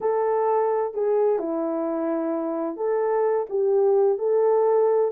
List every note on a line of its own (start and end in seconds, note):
0.00 0.93 A4
0.94 1.38 G#4
1.38 2.76 E4
2.76 3.46 A4
3.49 4.18 G4
4.18 5.11 A4